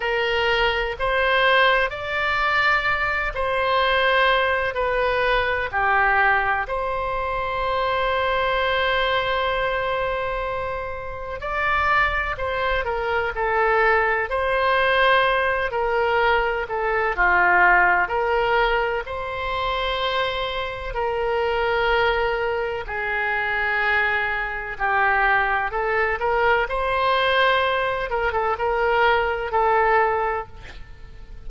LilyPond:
\new Staff \with { instrumentName = "oboe" } { \time 4/4 \tempo 4 = 63 ais'4 c''4 d''4. c''8~ | c''4 b'4 g'4 c''4~ | c''1 | d''4 c''8 ais'8 a'4 c''4~ |
c''8 ais'4 a'8 f'4 ais'4 | c''2 ais'2 | gis'2 g'4 a'8 ais'8 | c''4. ais'16 a'16 ais'4 a'4 | }